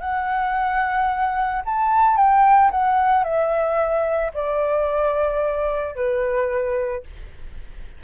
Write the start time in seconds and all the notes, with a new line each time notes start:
0.00 F#5
1.65 A5
2.16 G5
2.71 F#5
3.24 E5
4.33 D5
5.95 B4